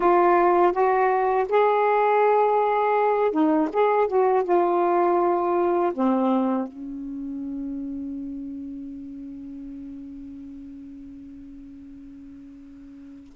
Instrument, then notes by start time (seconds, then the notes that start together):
saxophone
0.00 F4
0.72 F#4
1.48 G#4
3.31 D#4
3.72 G#4
4.07 F#4
4.44 F4
5.93 C4
6.67 C#4